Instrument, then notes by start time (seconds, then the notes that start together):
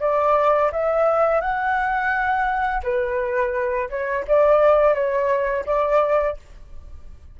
flute
0.00 D5
0.72 E5
1.41 F#5
2.83 B4
3.89 C#5
4.27 D5
4.94 C#5
5.66 D5